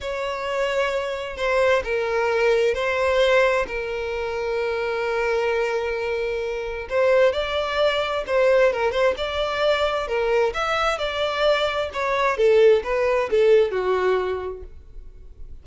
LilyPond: \new Staff \with { instrumentName = "violin" } { \time 4/4 \tempo 4 = 131 cis''2. c''4 | ais'2 c''2 | ais'1~ | ais'2. c''4 |
d''2 c''4 ais'8 c''8 | d''2 ais'4 e''4 | d''2 cis''4 a'4 | b'4 a'4 fis'2 | }